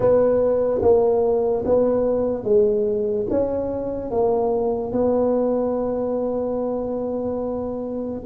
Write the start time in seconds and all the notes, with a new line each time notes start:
0.00 B3
0.81 A#3
1.65 B3
2.44 G#3
3.30 C#4
4.10 A#3
4.92 B3